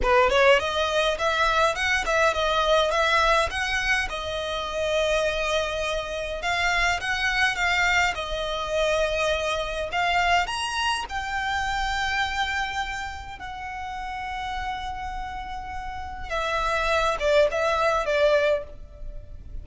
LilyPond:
\new Staff \with { instrumentName = "violin" } { \time 4/4 \tempo 4 = 103 b'8 cis''8 dis''4 e''4 fis''8 e''8 | dis''4 e''4 fis''4 dis''4~ | dis''2. f''4 | fis''4 f''4 dis''2~ |
dis''4 f''4 ais''4 g''4~ | g''2. fis''4~ | fis''1 | e''4. d''8 e''4 d''4 | }